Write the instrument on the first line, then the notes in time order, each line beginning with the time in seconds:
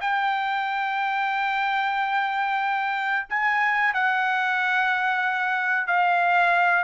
trumpet
0.00 G5
3.29 G#5
3.93 F#5
5.86 F5